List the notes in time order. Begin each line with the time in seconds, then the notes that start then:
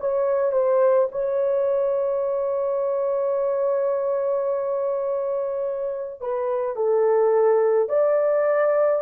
0.00 C#5
0.52 C5
1.12 C#5
6.21 B4
6.76 A4
7.89 D5